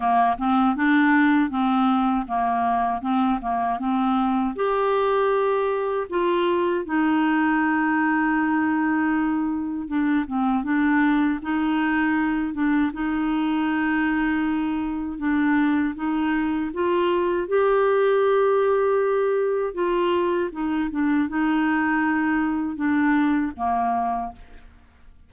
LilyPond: \new Staff \with { instrumentName = "clarinet" } { \time 4/4 \tempo 4 = 79 ais8 c'8 d'4 c'4 ais4 | c'8 ais8 c'4 g'2 | f'4 dis'2.~ | dis'4 d'8 c'8 d'4 dis'4~ |
dis'8 d'8 dis'2. | d'4 dis'4 f'4 g'4~ | g'2 f'4 dis'8 d'8 | dis'2 d'4 ais4 | }